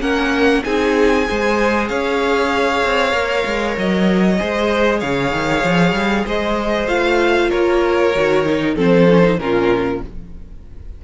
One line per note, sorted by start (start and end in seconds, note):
0.00 0.62 A#3
0.00 0.63 C#4
0.00 0.64 A#4
0.00 0.63 F#5
0.64 1.28 C4
0.64 1.25 D#4
0.64 1.27 G#4
0.64 1.88 G#5
1.25 1.89 G#3
1.25 3.12 G#4
1.25 1.89 C5
1.88 2.83 C#4
1.88 4.39 C#5
1.88 3.76 F5
2.84 3.12 C4
3.12 3.44 A#3
3.12 4.37 A#4
3.46 3.77 G#3
3.77 4.40 F#3
3.77 5.00 D#5
4.38 5.02 G#3
4.38 6.88 G#4
4.38 4.99 C5
4.99 5.32 C#3
4.99 6.24 C#5
4.99 6.25 F5
5.32 5.63 D#3
5.64 5.92 F3
5.92 6.23 G3
6.25 6.88 G#3
6.25 7.49 C5
6.25 6.88 D#5
6.88 7.50 A3
6.88 8.13 F4
6.88 7.50 F5
7.49 8.15 A#3
7.49 8.74 A#4
7.49 8.75 C#5
8.15 8.77 D#3
8.15 8.46 F#4
8.46 8.76 D#4
8.75 9.38 F3
8.75 9.07 C4
8.75 9.38 A4
8.75 9.39 C5
9.10 9.23 C#4
9.23 9.39 D#4
9.38 10.01 A#2
9.38 10.02 C#4
9.38 10.04 F4
9.38 10.02 A#4